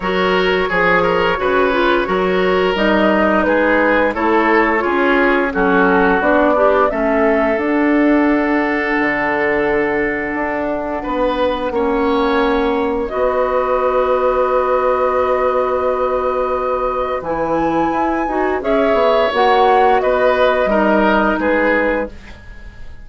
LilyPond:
<<
  \new Staff \with { instrumentName = "flute" } { \time 4/4 \tempo 4 = 87 cis''1 | dis''4 b'4 cis''2 | a'4 d''4 e''4 fis''4~ | fis''1~ |
fis''2. dis''4~ | dis''1~ | dis''4 gis''2 e''4 | fis''4 dis''2 b'4 | }
  \new Staff \with { instrumentName = "oboe" } { \time 4/4 ais'4 gis'8 ais'8 b'4 ais'4~ | ais'4 gis'4 a'4 gis'4 | fis'4. d'8 a'2~ | a'1 |
b'4 cis''2 b'4~ | b'1~ | b'2. cis''4~ | cis''4 b'4 ais'4 gis'4 | }
  \new Staff \with { instrumentName = "clarinet" } { \time 4/4 fis'4 gis'4 fis'8 f'8 fis'4 | dis'2 e'4 f'4 | cis'4 d'8 g'8 cis'4 d'4~ | d'1~ |
d'4 cis'2 fis'4~ | fis'1~ | fis'4 e'4. fis'8 gis'4 | fis'2 dis'2 | }
  \new Staff \with { instrumentName = "bassoon" } { \time 4/4 fis4 f4 cis4 fis4 | g4 gis4 a4 cis'4 | fis4 b4 a4 d'4~ | d'4 d2 d'4 |
b4 ais2 b4~ | b1~ | b4 e4 e'8 dis'8 cis'8 b8 | ais4 b4 g4 gis4 | }
>>